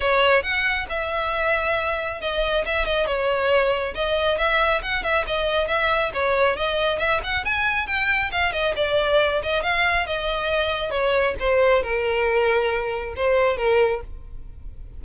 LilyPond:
\new Staff \with { instrumentName = "violin" } { \time 4/4 \tempo 4 = 137 cis''4 fis''4 e''2~ | e''4 dis''4 e''8 dis''8 cis''4~ | cis''4 dis''4 e''4 fis''8 e''8 | dis''4 e''4 cis''4 dis''4 |
e''8 fis''8 gis''4 g''4 f''8 dis''8 | d''4. dis''8 f''4 dis''4~ | dis''4 cis''4 c''4 ais'4~ | ais'2 c''4 ais'4 | }